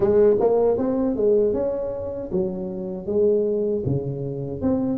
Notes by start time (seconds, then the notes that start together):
0.00 G#3
0.40 A#3
0.77 C4
1.16 G#3
1.53 C#4
2.31 F#3
3.06 G#3
3.85 C#3
4.61 C4